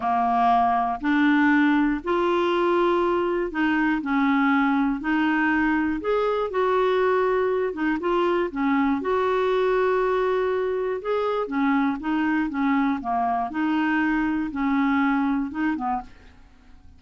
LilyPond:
\new Staff \with { instrumentName = "clarinet" } { \time 4/4 \tempo 4 = 120 ais2 d'2 | f'2. dis'4 | cis'2 dis'2 | gis'4 fis'2~ fis'8 dis'8 |
f'4 cis'4 fis'2~ | fis'2 gis'4 cis'4 | dis'4 cis'4 ais4 dis'4~ | dis'4 cis'2 dis'8 b8 | }